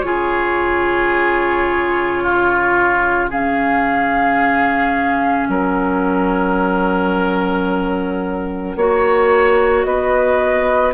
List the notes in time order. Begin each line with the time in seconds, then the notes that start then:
0.00 C#3 F4 G#4 C#5
2.23 F4
3.29 C#4 G#4 F5
5.47 F#3 A#4 F#5
8.75 A#3 F#4 C#5
9.82 B3 B4 D#5